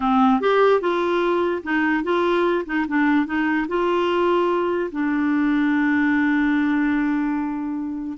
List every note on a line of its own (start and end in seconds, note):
0.00 0.40 C4
0.40 0.81 G4
0.81 1.62 F4
1.63 2.03 D#4
2.03 2.64 F4
2.65 2.86 D#4
2.88 3.26 D4
3.26 3.67 D#4
3.67 4.90 F4
4.91 8.17 D4